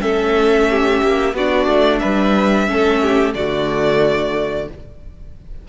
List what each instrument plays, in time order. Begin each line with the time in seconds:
0.00 cello A3, viola C#4, violin A4 E5
0.69 violin G4
1.02 cello A#3
1.33 cello B3, viola D4, violin F#4 D5
1.67 cello A3
1.99 cello G3, violin B4 E5
2.67 cello A3, viola C#4, violin A4
3.02 violin G4
3.34 cello D3, viola A3, violin F#4 D5